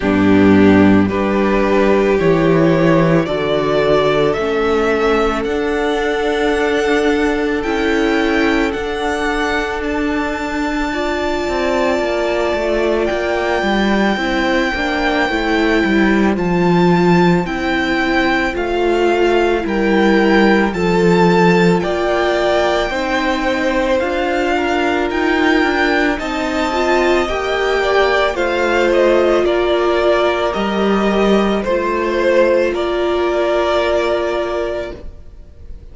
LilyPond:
<<
  \new Staff \with { instrumentName = "violin" } { \time 4/4 \tempo 4 = 55 g'4 b'4 cis''4 d''4 | e''4 fis''2 g''4 | fis''4 a''2. | g''2. a''4 |
g''4 f''4 g''4 a''4 | g''2 f''4 g''4 | a''4 g''4 f''8 dis''8 d''4 | dis''4 c''4 d''2 | }
  \new Staff \with { instrumentName = "violin" } { \time 4/4 d'4 g'2 a'4~ | a'1~ | a'2 d''2~ | d''4 c''2.~ |
c''2 ais'4 a'4 | d''4 c''4. ais'4. | dis''4. d''8 c''4 ais'4~ | ais'4 c''4 ais'2 | }
  \new Staff \with { instrumentName = "viola" } { \time 4/4 b4 d'4 e'4 fis'4 | cis'4 d'2 e'4 | d'2 f'2~ | f'4 e'8 d'8 e'4 f'4 |
e'4 f'4 e'4 f'4~ | f'4 dis'4 f'2 | dis'8 f'8 g'4 f'2 | g'4 f'2. | }
  \new Staff \with { instrumentName = "cello" } { \time 4/4 g,4 g4 e4 d4 | a4 d'2 cis'4 | d'2~ d'8 c'8 ais8 a8 | ais8 g8 c'8 ais8 a8 g8 f4 |
c'4 a4 g4 f4 | ais4 c'4 d'4 dis'8 d'8 | c'4 ais4 a4 ais4 | g4 a4 ais2 | }
>>